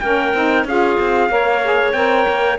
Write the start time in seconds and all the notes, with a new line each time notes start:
0.00 A#3 C#4 A#4 G5
0.34 C4 D#4
0.65 C#4 F4 G#4 F5
1.00 C4
1.29 A#3 A#4 C#5
1.64 G#4
1.93 C4 A#4 G5
2.28 A#3